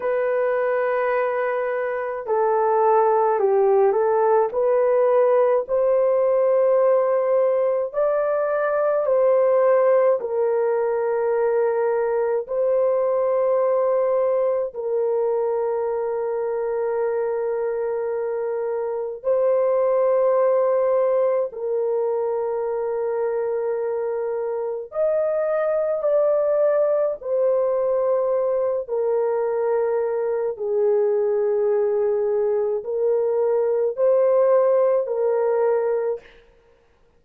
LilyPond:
\new Staff \with { instrumentName = "horn" } { \time 4/4 \tempo 4 = 53 b'2 a'4 g'8 a'8 | b'4 c''2 d''4 | c''4 ais'2 c''4~ | c''4 ais'2.~ |
ais'4 c''2 ais'4~ | ais'2 dis''4 d''4 | c''4. ais'4. gis'4~ | gis'4 ais'4 c''4 ais'4 | }